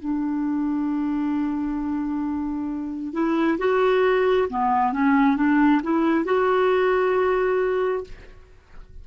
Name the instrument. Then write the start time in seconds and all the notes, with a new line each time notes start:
clarinet
0.00 D4
3.13 E4
3.59 F#4
4.50 B3
4.93 C#4
5.36 D4
5.83 E4
6.25 F#4